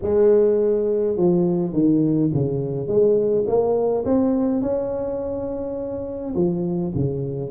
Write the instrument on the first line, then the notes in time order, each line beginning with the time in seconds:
tuba
0.02 G#3
1.16 F3
1.73 D#3
2.33 C#3
2.87 G#3
3.47 A#3
4.05 C4
4.61 C#4
6.35 F3
6.94 C#3